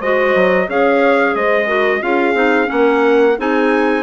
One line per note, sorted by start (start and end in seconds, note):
0.00 0.35 G#3
0.00 0.69 F#4
0.00 0.67 C5
0.00 0.69 D#5
0.35 0.69 F#3
0.68 1.35 C#4
0.68 1.67 G#4
0.68 1.35 C#5
0.68 1.36 F5
1.35 2.02 G#3
1.35 1.67 C5
1.35 2.03 D#5
1.67 2.01 F#4
1.67 2.01 A#4
2.01 2.34 C#4
2.01 2.35 F4
2.01 2.71 G#4
2.01 2.70 F5
2.34 2.68 C4
2.34 2.66 D#4
2.66 3.38 A#3
2.66 3.33 C#4
2.66 3.38 A#4
2.66 3.37 F#5
3.38 4.03 C4
3.38 4.03 D#4
3.38 4.03 G#4
3.38 4.03 G#5